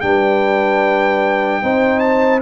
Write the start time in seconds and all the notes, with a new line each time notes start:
0.00 G3 D4 B4 G5
1.62 C4 D#4 C5
1.99 A5